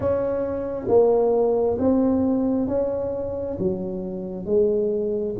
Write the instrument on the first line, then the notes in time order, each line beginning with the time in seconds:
tuba
0.00 C#4
0.88 A#3
1.78 C4
2.67 C#4
3.58 F#3
4.45 G#3